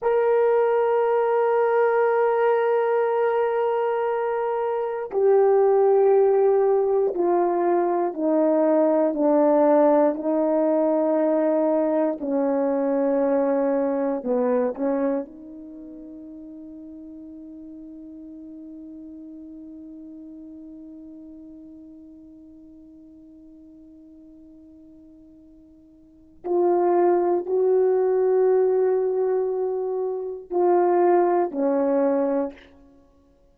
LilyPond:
\new Staff \with { instrumentName = "horn" } { \time 4/4 \tempo 4 = 59 ais'1~ | ais'4 g'2 f'4 | dis'4 d'4 dis'2 | cis'2 b8 cis'8 dis'4~ |
dis'1~ | dis'1~ | dis'2 f'4 fis'4~ | fis'2 f'4 cis'4 | }